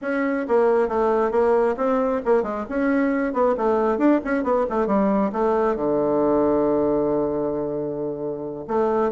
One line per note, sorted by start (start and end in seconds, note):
0.01 0.46 C#4
0.47 0.88 A#3
0.88 1.31 A3
1.31 1.75 A#3
1.76 2.21 C4
2.25 2.42 A#3
2.42 2.65 G#3
2.69 3.33 C#4
3.33 3.55 B3
3.57 3.98 A3
3.98 4.20 D4
4.24 4.43 C#4
4.43 4.65 B3
4.69 4.86 A3
4.86 5.31 G3
5.32 5.76 A3
5.76 8.64 D3
8.67 9.11 A3